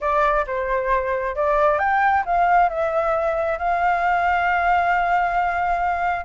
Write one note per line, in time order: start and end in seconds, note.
0.00 0.45 D5
0.47 1.35 C5
1.35 1.78 D5
1.78 2.23 G5
2.25 2.69 F5
2.69 3.58 E5
3.58 6.25 F5